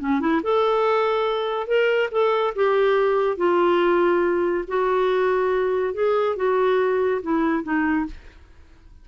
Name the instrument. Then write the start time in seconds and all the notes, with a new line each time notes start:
clarinet
0.00 C#4
0.20 E4
0.43 A4
1.67 A#4
2.12 A4
2.56 G4
3.37 F4
4.68 F#4
5.94 G#4
6.37 F#4
7.23 E4
7.64 D#4